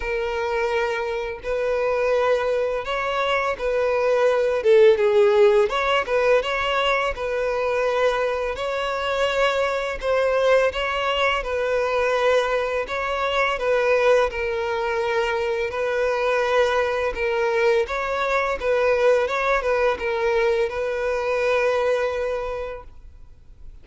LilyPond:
\new Staff \with { instrumentName = "violin" } { \time 4/4 \tempo 4 = 84 ais'2 b'2 | cis''4 b'4. a'8 gis'4 | cis''8 b'8 cis''4 b'2 | cis''2 c''4 cis''4 |
b'2 cis''4 b'4 | ais'2 b'2 | ais'4 cis''4 b'4 cis''8 b'8 | ais'4 b'2. | }